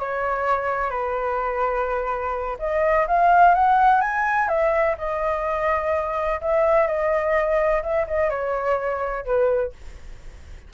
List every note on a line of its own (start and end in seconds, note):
0.00 0.91 C#5
0.91 2.57 B4
2.59 3.07 D#5
3.08 3.55 F5
3.55 4.01 F#5
4.01 4.48 G#5
4.48 4.96 E5
4.98 6.41 D#5
6.41 6.87 E5
6.87 7.83 D#5
7.83 8.07 E5
8.08 8.30 D#5
8.30 9.25 C#5
9.25 9.73 B4